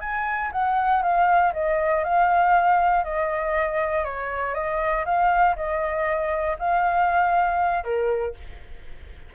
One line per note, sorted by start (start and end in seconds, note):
0.00 0.50 G#5
0.52 1.02 F#5
1.02 1.53 F5
1.53 2.04 D#5
2.04 3.04 F5
3.04 4.04 D#5
4.04 4.54 C#5
4.54 5.04 D#5
5.05 5.56 F5
5.56 6.56 D#5
6.58 7.84 F5
7.84 8.34 A#4